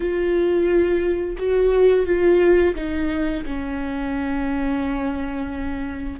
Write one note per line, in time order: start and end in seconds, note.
0.00 1.36 F4
1.38 2.06 F#4
2.06 2.75 F4
2.75 3.44 D#4
3.45 6.20 C#4